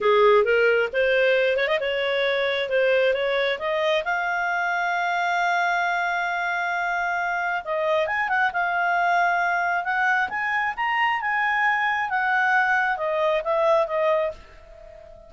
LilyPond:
\new Staff \with { instrumentName = "clarinet" } { \time 4/4 \tempo 4 = 134 gis'4 ais'4 c''4. cis''16 dis''16 | cis''2 c''4 cis''4 | dis''4 f''2.~ | f''1~ |
f''4 dis''4 gis''8 fis''8 f''4~ | f''2 fis''4 gis''4 | ais''4 gis''2 fis''4~ | fis''4 dis''4 e''4 dis''4 | }